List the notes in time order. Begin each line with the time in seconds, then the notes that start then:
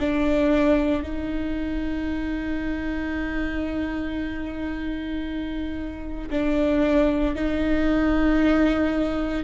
0.00 D4
1.03 D#4
6.31 D4
7.35 D#4